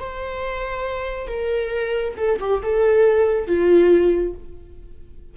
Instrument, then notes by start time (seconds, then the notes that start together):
viola
0.00 C5
1.28 A#4
2.17 A4
2.40 G4
2.62 A4
3.47 F4